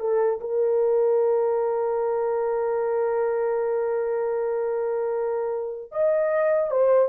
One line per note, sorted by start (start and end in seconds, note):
0.00 0.39 A4
0.40 5.92 A#4
5.92 6.71 D#5
6.71 7.09 C5